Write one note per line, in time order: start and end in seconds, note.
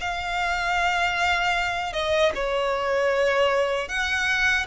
0.00 1.93 F5
1.93 2.32 D#5
2.34 3.88 C#5
3.88 4.66 F#5